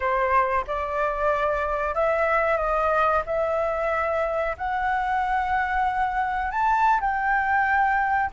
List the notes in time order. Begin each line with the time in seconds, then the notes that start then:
0.00 C5
0.67 D5
1.94 E5
2.57 D#5
3.25 E5
4.57 F#5
6.51 A5
7.00 G5